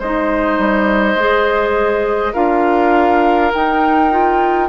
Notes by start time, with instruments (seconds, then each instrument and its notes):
0.00 bassoon G#3, clarinet D#4, oboe C5, flute D#5
0.59 bassoon G3
1.16 bassoon G#3, clarinet G#4
2.34 bassoon D4, clarinet F4, oboe A#4, flute F5
3.54 clarinet D#4, bassoon D#4, flute G5
4.11 clarinet F4